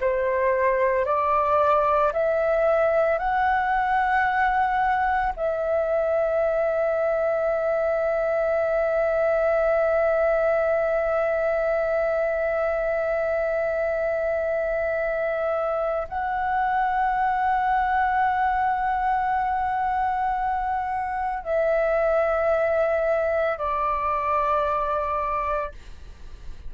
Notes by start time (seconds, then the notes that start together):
0.00 C5
1.05 D5
2.13 E5
3.19 F#5
5.37 E5
16.08 F#5
21.43 E5
23.58 D5